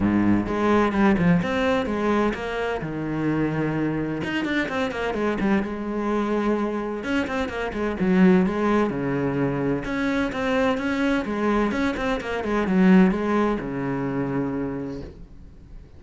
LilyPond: \new Staff \with { instrumentName = "cello" } { \time 4/4 \tempo 4 = 128 gis,4 gis4 g8 f8 c'4 | gis4 ais4 dis2~ | dis4 dis'8 d'8 c'8 ais8 gis8 g8 | gis2. cis'8 c'8 |
ais8 gis8 fis4 gis4 cis4~ | cis4 cis'4 c'4 cis'4 | gis4 cis'8 c'8 ais8 gis8 fis4 | gis4 cis2. | }